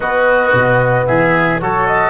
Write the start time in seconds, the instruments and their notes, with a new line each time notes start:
0.00 trombone B3, tuba B3, oboe F#4, flute D#5
0.52 tuba B2
1.06 tuba E3, oboe G#4, flute E5
1.60 tuba F#3, trombone F#4, oboe A4, flute C#5
1.87 flute D#5